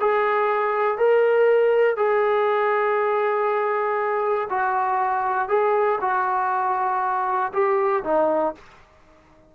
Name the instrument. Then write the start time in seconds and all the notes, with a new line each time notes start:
trombone
0.00 G#4
0.98 A#4
1.97 G#4
4.50 F#4
5.48 G#4
6.01 F#4
7.53 G4
8.04 D#4